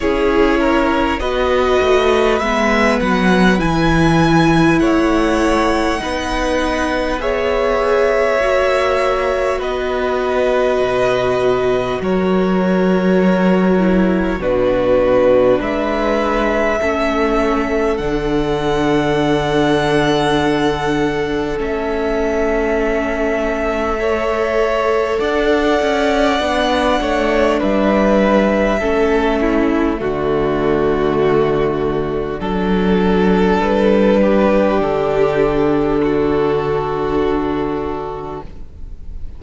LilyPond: <<
  \new Staff \with { instrumentName = "violin" } { \time 4/4 \tempo 4 = 50 cis''4 dis''4 e''8 fis''8 gis''4 | fis''2 e''2 | dis''2 cis''2 | b'4 e''2 fis''4~ |
fis''2 e''2~ | e''4 fis''2 e''4~ | e''4 d''2. | b'4 a'2. | }
  \new Staff \with { instrumentName = "violin" } { \time 4/4 gis'8 ais'8 b'2. | cis''4 b'4 cis''2 | b'2 ais'2 | fis'4 b'4 a'2~ |
a'1 | cis''4 d''4. cis''8 b'4 | a'8 e'8 fis'2 a'4~ | a'8 g'4. fis'2 | }
  \new Staff \with { instrumentName = "viola" } { \time 4/4 e'4 fis'4 b4 e'4~ | e'4 dis'4 gis'4 fis'4~ | fis'2.~ fis'8 e'8 | d'2 cis'4 d'4~ |
d'2 cis'2 | a'2 d'2 | cis'4 a2 d'4~ | d'1 | }
  \new Staff \with { instrumentName = "cello" } { \time 4/4 cis'4 b8 a8 gis8 fis8 e4 | a4 b2 ais4 | b4 b,4 fis2 | b,4 gis4 a4 d4~ |
d2 a2~ | a4 d'8 cis'8 b8 a8 g4 | a4 d2 fis4 | g4 d2. | }
>>